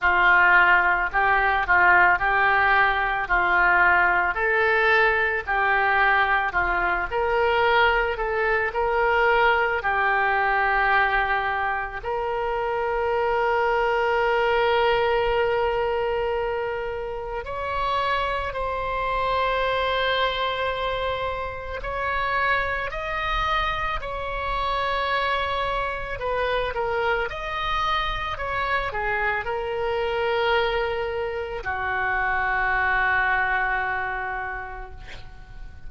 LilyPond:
\new Staff \with { instrumentName = "oboe" } { \time 4/4 \tempo 4 = 55 f'4 g'8 f'8 g'4 f'4 | a'4 g'4 f'8 ais'4 a'8 | ais'4 g'2 ais'4~ | ais'1 |
cis''4 c''2. | cis''4 dis''4 cis''2 | b'8 ais'8 dis''4 cis''8 gis'8 ais'4~ | ais'4 fis'2. | }